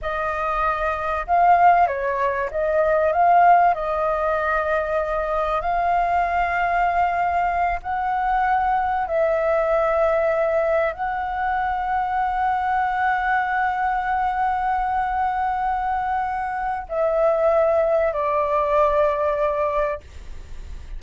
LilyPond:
\new Staff \with { instrumentName = "flute" } { \time 4/4 \tempo 4 = 96 dis''2 f''4 cis''4 | dis''4 f''4 dis''2~ | dis''4 f''2.~ | f''8 fis''2 e''4.~ |
e''4. fis''2~ fis''8~ | fis''1~ | fis''2. e''4~ | e''4 d''2. | }